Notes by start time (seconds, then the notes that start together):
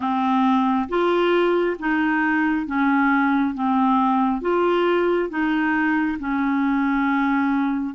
0.00 C4
0.88 F4
1.79 D#4
2.66 C#4
3.54 C4
4.41 F4
5.29 D#4
6.19 C#4